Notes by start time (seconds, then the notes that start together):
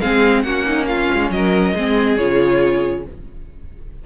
0.00 G#3 C4 G#4 F5
0.42 A#3 C#4 F#4 F#5
0.66 D#4
0.87 F4 F5
1.14 G#3
1.30 F#3 A#4 D#5
1.74 G#3 C4 G#4
2.17 C#3 F4 C#5